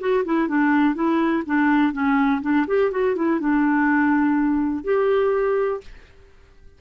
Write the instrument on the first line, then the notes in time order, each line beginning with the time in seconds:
clarinet
0.00 F#4
0.25 E4
0.48 D4
0.95 E4
1.46 D4
1.93 C#4
2.42 D4
2.67 G4
2.91 F#4
3.16 E4
3.40 D4
4.84 G4